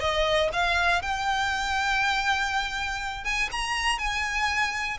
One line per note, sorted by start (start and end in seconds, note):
0.00 0.50 D#5
0.53 1.02 F5
1.02 3.24 G5
3.24 3.49 G#5
3.52 3.98 A#5
3.98 4.98 G#5